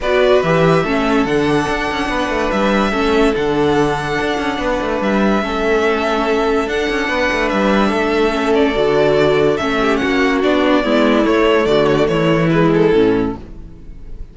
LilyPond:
<<
  \new Staff \with { instrumentName = "violin" } { \time 4/4 \tempo 4 = 144 d''4 e''2 fis''4~ | fis''2 e''2 | fis''1 | e''1 |
fis''2 e''2~ | e''8 d''2~ d''8 e''4 | fis''4 d''2 cis''4 | d''8 cis''16 d''16 cis''4 b'8 a'4. | }
  \new Staff \with { instrumentName = "violin" } { \time 4/4 b'2 a'2~ | a'4 b'2 a'4~ | a'2. b'4~ | b'4 a'2.~ |
a'4 b'2 a'4~ | a'2.~ a'8 g'8 | fis'2 e'2 | fis'4 e'2. | }
  \new Staff \with { instrumentName = "viola" } { \time 4/4 fis'4 g'4 cis'4 d'4~ | d'2. cis'4 | d'1~ | d'4 cis'2. |
d'1 | cis'4 fis'2 cis'4~ | cis'4 d'4 b4 a4~ | a2 gis4 cis'4 | }
  \new Staff \with { instrumentName = "cello" } { \time 4/4 b4 e4 a4 d4 | d'8 cis'8 b8 a8 g4 a4 | d2 d'8 cis'8 b8 a8 | g4 a2. |
d'8 cis'8 b8 a8 g4 a4~ | a4 d2 a4 | ais4 b4 gis4 a4 | d4 e2 a,4 | }
>>